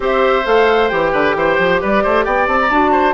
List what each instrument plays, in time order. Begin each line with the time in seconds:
0.00 bassoon C4, clarinet G4, oboe C5, flute E5
0.45 bassoon A3, clarinet A4, flute F5
0.89 bassoon E3, clarinet G4, flute G5
1.12 bassoon D3, oboe B4
1.35 bassoon E3, oboe C5
1.58 bassoon F3
1.81 bassoon G3, oboe B4, flute D5
2.03 bassoon A3, oboe C5
2.24 bassoon B3, oboe D5, flute G5
2.47 bassoon C4, flute A5
2.61 flute A#5
2.70 bassoon D4, clarinet F#4, flute A5
2.91 oboe C5